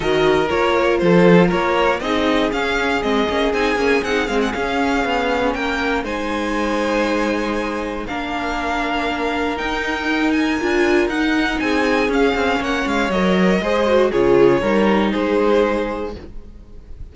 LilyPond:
<<
  \new Staff \with { instrumentName = "violin" } { \time 4/4 \tempo 4 = 119 dis''4 cis''4 c''4 cis''4 | dis''4 f''4 dis''4 gis''4 | fis''8 f''16 fis''16 f''2 g''4 | gis''1 |
f''2. g''4~ | g''8 gis''4. fis''4 gis''4 | f''4 fis''8 f''8 dis''2 | cis''2 c''2 | }
  \new Staff \with { instrumentName = "violin" } { \time 4/4 ais'2 a'4 ais'4 | gis'1~ | gis'2. ais'4 | c''1 |
ais'1~ | ais'2. gis'4~ | gis'4 cis''2 c''4 | gis'4 ais'4 gis'2 | }
  \new Staff \with { instrumentName = "viola" } { \time 4/4 fis'4 f'2. | dis'4 cis'4 c'8 cis'8 dis'8 cis'8 | dis'8 c'8 cis'2. | dis'1 |
d'2. dis'4~ | dis'4 f'4 dis'2 | cis'2 ais'4 gis'8 fis'8 | f'4 dis'2. | }
  \new Staff \with { instrumentName = "cello" } { \time 4/4 dis4 ais4 f4 ais4 | c'4 cis'4 gis8 ais8 c'8 ais8 | c'8 gis8 cis'4 b4 ais4 | gis1 |
ais2. dis'4~ | dis'4 d'4 dis'4 c'4 | cis'8 c'8 ais8 gis8 fis4 gis4 | cis4 g4 gis2 | }
>>